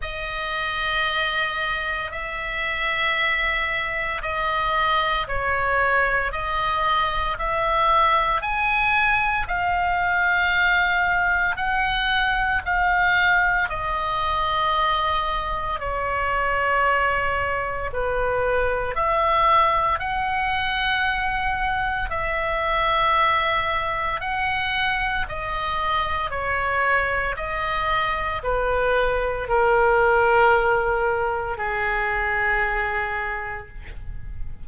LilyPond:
\new Staff \with { instrumentName = "oboe" } { \time 4/4 \tempo 4 = 57 dis''2 e''2 | dis''4 cis''4 dis''4 e''4 | gis''4 f''2 fis''4 | f''4 dis''2 cis''4~ |
cis''4 b'4 e''4 fis''4~ | fis''4 e''2 fis''4 | dis''4 cis''4 dis''4 b'4 | ais'2 gis'2 | }